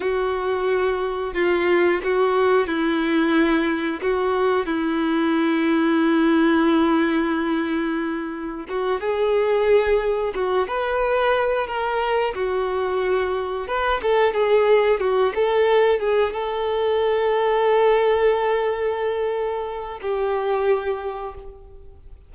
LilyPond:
\new Staff \with { instrumentName = "violin" } { \time 4/4 \tempo 4 = 90 fis'2 f'4 fis'4 | e'2 fis'4 e'4~ | e'1~ | e'4 fis'8 gis'2 fis'8 |
b'4. ais'4 fis'4.~ | fis'8 b'8 a'8 gis'4 fis'8 a'4 | gis'8 a'2.~ a'8~ | a'2 g'2 | }